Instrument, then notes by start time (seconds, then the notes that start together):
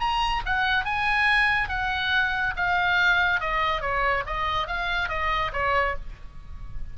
oboe
0.00 A#5
0.46 F#5
0.85 G#5
1.69 F#5
2.57 F5
3.41 D#5
3.81 C#5
4.26 D#5
4.67 F5
5.09 D#5
5.53 C#5